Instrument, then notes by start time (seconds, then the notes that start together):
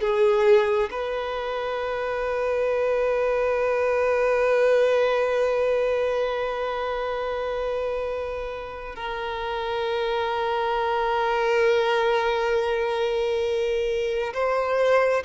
violin
0.00 G#4
0.91 B4
8.96 A#4
14.34 C5